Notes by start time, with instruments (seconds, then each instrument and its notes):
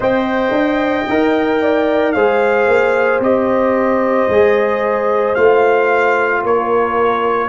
0.00 tuba C4, trombone C5, horn D#5, trumpet G5
0.51 tuba D4
1.08 tuba D#4, trombone A#4
1.61 horn D5
2.12 tuba G#3, trombone G#4, horn C5, trumpet F5
2.67 tuba A#3
3.19 tuba C4, trombone G4, trumpet D#5
4.28 tuba G#3, trombone G#4
5.34 tuba A3, trombone F4, trumpet F5
6.44 tuba A#3, horn A#4, trumpet C#5